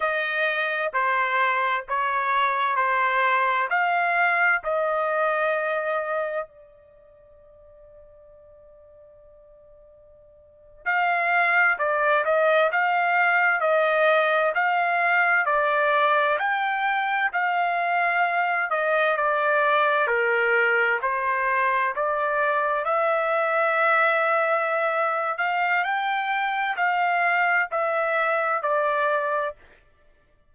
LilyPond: \new Staff \with { instrumentName = "trumpet" } { \time 4/4 \tempo 4 = 65 dis''4 c''4 cis''4 c''4 | f''4 dis''2 d''4~ | d''2.~ d''8. f''16~ | f''8. d''8 dis''8 f''4 dis''4 f''16~ |
f''8. d''4 g''4 f''4~ f''16~ | f''16 dis''8 d''4 ais'4 c''4 d''16~ | d''8. e''2~ e''8. f''8 | g''4 f''4 e''4 d''4 | }